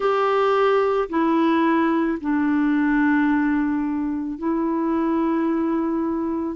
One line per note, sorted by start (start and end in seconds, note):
0.00 1.09 G4
1.09 2.18 E4
2.20 4.38 D4
4.38 6.55 E4